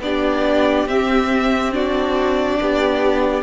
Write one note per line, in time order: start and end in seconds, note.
0.00 0.86 B3
0.00 0.87 D4
0.00 1.74 G4
0.00 0.88 D5
0.86 2.58 C4
0.86 1.72 C4
0.86 1.74 E5
1.72 3.43 D4
1.72 2.60 F#4
1.72 3.43 D5
2.60 3.43 B3
2.60 3.43 G4